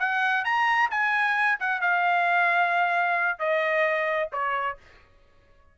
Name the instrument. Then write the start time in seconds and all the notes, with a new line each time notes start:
trumpet
0.00 F#5
0.45 A#5
0.91 G#5
1.60 F#5
1.81 F5
3.39 D#5
4.33 C#5